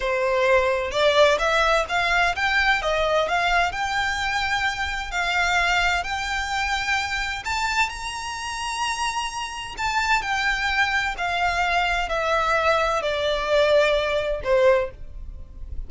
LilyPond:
\new Staff \with { instrumentName = "violin" } { \time 4/4 \tempo 4 = 129 c''2 d''4 e''4 | f''4 g''4 dis''4 f''4 | g''2. f''4~ | f''4 g''2. |
a''4 ais''2.~ | ais''4 a''4 g''2 | f''2 e''2 | d''2. c''4 | }